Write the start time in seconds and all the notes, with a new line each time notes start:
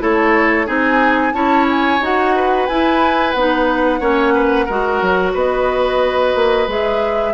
0.00 A3 E4 A4 C#5
0.66 C4 D#4 G#4 G#5
1.33 C#4 E4 C#5 A5
1.70 G#5
2.01 D#4 F#4 F#5
2.35 B4
2.67 E4 G#5
3.32 B3 D#4 F#5
4.00 A#3 C#4 C#5
4.34 B4
4.66 G#3 F#4 A#4
5.02 F#3
5.33 B3 B4 D#5
6.35 A#3
6.67 G#3 G#4 E5